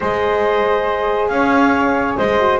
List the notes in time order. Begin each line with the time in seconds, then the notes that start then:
0.00 G#3 G#4 C5 D#5
1.28 C#4 C#5 F5
2.17 G#3 C5 D#5
2.39 F#4